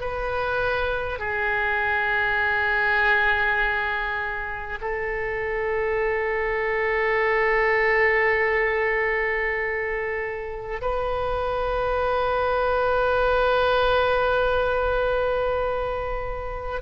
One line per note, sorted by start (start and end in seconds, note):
0.00 1.19 B4
1.19 4.79 G#4
4.81 10.81 A4
10.81 16.81 B4